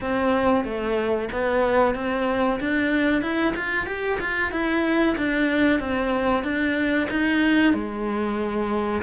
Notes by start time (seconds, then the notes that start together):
0.00 C4
0.64 A3
1.31 B3
1.94 C4
2.60 D4
3.21 E4
3.56 F4
3.86 G4
4.20 F4
4.51 E4
5.17 D4
5.79 C4
6.43 D4
7.10 D#4
7.73 G#3